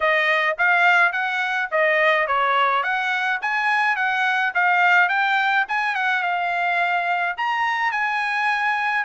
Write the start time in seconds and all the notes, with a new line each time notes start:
0.00 D#5
0.57 F5
1.12 F#5
1.71 D#5
2.27 C#5
2.83 F#5
3.41 G#5
3.95 F#5
4.54 F5
5.08 G5
5.68 G#5
5.95 F#5
6.22 F5
7.37 A#5
7.91 G#5